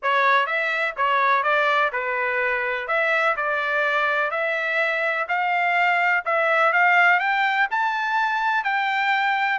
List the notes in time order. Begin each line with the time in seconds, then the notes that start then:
0.02 C#5
0.46 E5
0.96 C#5
1.43 D5
1.92 B4
2.87 E5
3.36 D5
4.30 E5
5.28 F5
6.25 E5
6.72 F5
7.19 G5
7.71 A5
8.64 G5